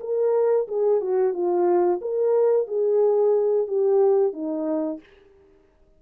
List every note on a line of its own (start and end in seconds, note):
0.00 0.67 A#4
0.68 1.01 G#4
1.01 1.33 F#4
1.33 2.00 F4
2.01 2.67 A#4
2.67 3.67 G#4
3.67 4.32 G4
4.32 4.99 D#4